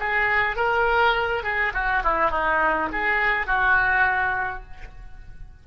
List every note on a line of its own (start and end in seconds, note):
0.00 0.57 G#4
0.57 1.44 A#4
1.44 1.73 G#4
1.74 2.04 F#4
2.04 2.31 E4
2.31 2.89 D#4
2.93 3.47 G#4
3.47 4.64 F#4